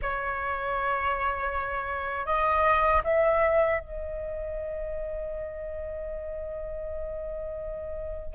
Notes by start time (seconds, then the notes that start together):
0.02 C#5
2.26 D#5
3.04 E5
3.80 D#5